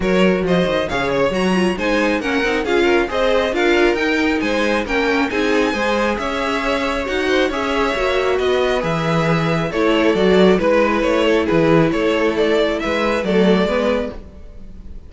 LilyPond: <<
  \new Staff \with { instrumentName = "violin" } { \time 4/4 \tempo 4 = 136 cis''4 dis''4 f''8 cis''8 ais''4 | gis''4 fis''4 f''4 dis''4 | f''4 g''4 gis''4 g''4 | gis''2 e''2 |
fis''4 e''2 dis''4 | e''2 cis''4 d''4 | b'4 cis''4 b'4 cis''4 | d''4 e''4 d''2 | }
  \new Staff \with { instrumentName = "violin" } { \time 4/4 ais'4 c''4 cis''2 | c''4 ais'4 gis'8 ais'8 c''4 | ais'2 c''4 ais'4 | gis'4 c''4 cis''2~ |
cis''8 c''8 cis''2 b'4~ | b'2 a'2 | b'4. a'8 gis'4 a'4~ | a'4 b'4 a'4 b'4 | }
  \new Staff \with { instrumentName = "viola" } { \time 4/4 fis'2 gis'4 fis'8 f'8 | dis'4 cis'8 dis'8 f'4 gis'4 | f'4 dis'2 cis'4 | dis'4 gis'2. |
fis'4 gis'4 fis'2 | gis'2 e'4 fis'4 | e'1~ | e'2 a4 b4 | }
  \new Staff \with { instrumentName = "cello" } { \time 4/4 fis4 f8 dis8 cis4 fis4 | gis4 ais8 c'8 cis'4 c'4 | d'4 dis'4 gis4 ais4 | c'4 gis4 cis'2 |
dis'4 cis'4 ais4 b4 | e2 a4 fis4 | gis4 a4 e4 a4~ | a4 gis4 fis4 gis4 | }
>>